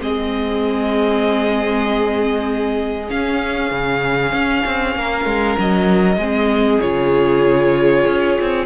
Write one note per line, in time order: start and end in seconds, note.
0.00 3.10 G#3
0.00 3.08 C4
0.00 4.97 G#4
0.00 3.10 D#5
3.08 6.17 C#4
3.08 3.72 C#4
3.08 5.58 F5
3.72 4.33 C#3
4.33 4.64 C#4
4.66 4.96 C4
4.96 5.26 A#3
4.96 6.18 A#4
5.26 5.56 G#3
5.58 6.17 F#3
5.58 6.81 D#5
6.17 6.79 G#3
6.17 6.82 C4
6.17 8.66 G#4
6.81 8.07 C#3
6.81 8.66 F4
6.81 8.66 C#5
8.07 8.38 C#4
8.41 8.66 C4